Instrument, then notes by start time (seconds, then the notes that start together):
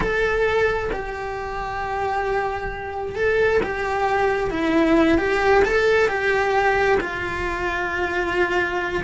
cello
0.00 A4
0.92 G4
3.15 A4
3.62 G4
4.50 E4
5.18 G4
5.65 A4
6.08 G4
7.00 F4